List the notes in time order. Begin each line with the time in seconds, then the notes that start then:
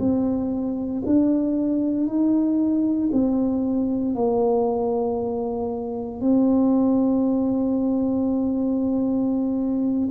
0.00 C4
1.07 D4
2.07 D#4
3.13 C4
4.15 A#3
6.21 C4